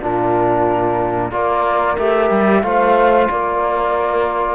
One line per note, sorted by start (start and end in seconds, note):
0.00 1.31 A#2
0.00 1.31 D4
0.00 1.30 F4
0.00 1.31 A#4
1.31 1.97 A#3
1.31 1.96 F4
1.31 2.64 A#4
1.31 1.96 D5
1.97 2.30 A3
1.97 2.63 G4
1.97 2.63 E5
2.30 2.63 G3
2.63 3.28 A3
2.63 4.55 F4
2.63 3.30 C5
2.63 3.28 F5
3.29 4.55 A#3
3.29 4.55 A#4
3.29 4.55 D5